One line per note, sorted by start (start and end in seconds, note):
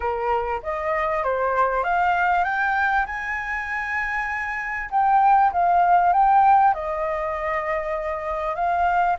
0.00 0.61 A#4
0.63 1.23 D#5
1.23 1.83 C5
1.83 2.44 F5
2.44 3.05 G5
3.06 4.89 G#5
4.90 5.51 G5
5.52 6.12 F5
6.12 6.73 G5
6.74 8.55 D#5
8.55 9.16 F5